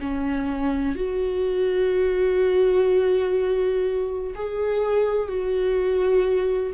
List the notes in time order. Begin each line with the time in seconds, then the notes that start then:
0.00 C#4
0.95 F#4
4.35 G#4
5.29 F#4